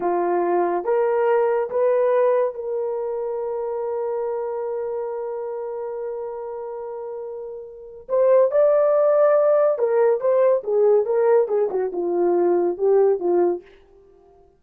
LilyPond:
\new Staff \with { instrumentName = "horn" } { \time 4/4 \tempo 4 = 141 f'2 ais'2 | b'2 ais'2~ | ais'1~ | ais'1~ |
ais'2. c''4 | d''2. ais'4 | c''4 gis'4 ais'4 gis'8 fis'8 | f'2 g'4 f'4 | }